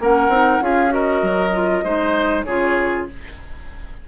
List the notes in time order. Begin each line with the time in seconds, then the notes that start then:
0.00 A#3 C#4 A#4 F#5
0.29 C4 D#4
0.61 C#4 F4 G#4 F5
0.89 F#4 A#4 D#5
1.23 F#3
1.53 F4
1.84 G#3 D#4 C5
2.43 C#3 F4 G#4 C#5